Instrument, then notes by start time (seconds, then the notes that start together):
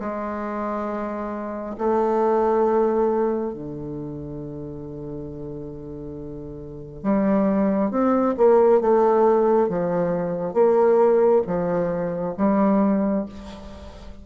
bassoon
0.00 G#3
1.78 A3
3.54 D3
7.04 G3
7.91 C4
8.37 A#3
8.81 A3
9.69 F3
10.54 A#3
11.47 F3
12.38 G3